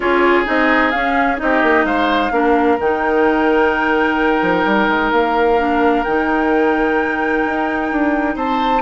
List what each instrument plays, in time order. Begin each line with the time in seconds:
0.00 bassoon C#4, clarinet F4, oboe G#4, flute C#5
0.45 bassoon C4, clarinet D#4, flute D#5
0.90 clarinet C#4, bassoon C#4, flute F5
1.37 bassoon C4, clarinet D#4, flute D#5
1.43 oboe G4
1.63 bassoon A#3
1.84 bassoon G#3, oboe C5, flute F5
2.31 bassoon A#3, clarinet D4, oboe A#4
2.79 bassoon D#3, clarinet D#4, flute G5
4.41 bassoon F3
4.65 bassoon G3
4.88 bassoon G#3
5.12 bassoon A#3, flute F5
5.58 clarinet D4
6.03 bassoon D#3, clarinet D#4, flute G5
7.45 bassoon D#4
7.91 bassoon D4
8.35 bassoon C4, oboe C5, flute A5